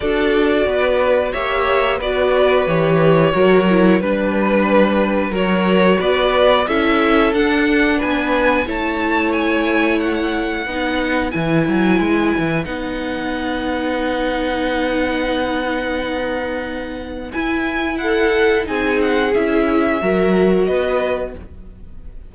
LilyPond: <<
  \new Staff \with { instrumentName = "violin" } { \time 4/4 \tempo 4 = 90 d''2 e''4 d''4 | cis''2 b'2 | cis''4 d''4 e''4 fis''4 | gis''4 a''4 gis''4 fis''4~ |
fis''4 gis''2 fis''4~ | fis''1~ | fis''2 gis''4 fis''4 | gis''8 fis''8 e''2 dis''4 | }
  \new Staff \with { instrumentName = "violin" } { \time 4/4 a'4 b'4 cis''4 b'4~ | b'4 ais'4 b'2 | ais'4 b'4 a'2 | b'4 cis''2. |
b'1~ | b'1~ | b'2. a'4 | gis'2 ais'4 b'4 | }
  \new Staff \with { instrumentName = "viola" } { \time 4/4 fis'2 g'4 fis'4 | g'4 fis'8 e'8 d'2 | fis'2 e'4 d'4~ | d'4 e'2. |
dis'4 e'2 dis'4~ | dis'1~ | dis'2 e'2 | dis'4 e'4 fis'2 | }
  \new Staff \with { instrumentName = "cello" } { \time 4/4 d'4 b4 ais4 b4 | e4 fis4 g2 | fis4 b4 cis'4 d'4 | b4 a2. |
b4 e8 fis8 gis8 e8 b4~ | b1~ | b2 e'2 | c'4 cis'4 fis4 b4 | }
>>